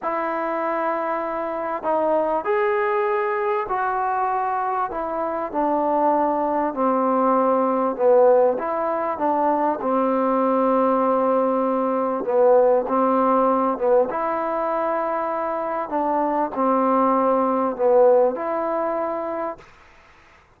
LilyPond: \new Staff \with { instrumentName = "trombone" } { \time 4/4 \tempo 4 = 98 e'2. dis'4 | gis'2 fis'2 | e'4 d'2 c'4~ | c'4 b4 e'4 d'4 |
c'1 | b4 c'4. b8 e'4~ | e'2 d'4 c'4~ | c'4 b4 e'2 | }